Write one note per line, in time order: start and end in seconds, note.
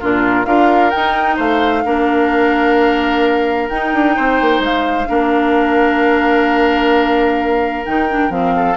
0.00 0.46 A#2
0.00 0.45 D4
0.00 0.46 F4
0.00 0.45 A#4
0.45 0.92 D4
0.45 0.91 F4
0.45 1.36 A#4
0.45 0.90 F5
0.90 1.85 D#4
0.90 1.38 D#4
0.90 1.36 G5
1.36 1.84 A3
1.36 1.82 C5
1.36 3.69 F5
1.85 3.70 A#3
1.85 3.69 D4
1.85 4.16 A#4
3.69 3.93 D#4
3.69 5.06 D#4
3.69 4.61 G5
3.93 4.16 D4
4.16 4.41 C4
4.16 5.08 C5
4.41 4.59 A#3
4.59 5.05 G#3
4.59 7.85 F5
5.06 7.86 A#3
5.06 7.83 D4
5.06 8.55 A#4
7.85 8.29 D#3
7.85 8.08 D#4
7.85 8.31 G5
8.09 8.30 D4
8.29 8.75 F3
8.29 8.76 C4
8.29 8.77 F5
8.56 8.77 A4